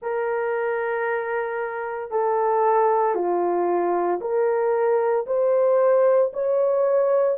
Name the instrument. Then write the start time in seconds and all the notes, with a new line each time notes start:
horn
0.02 A#4
2.11 A4
3.14 F4
4.21 A#4
5.26 C5
6.33 C#5